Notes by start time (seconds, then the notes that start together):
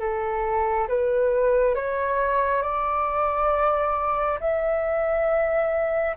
0.00 A4
0.89 B4
1.75 C#5
2.63 D5
4.41 E5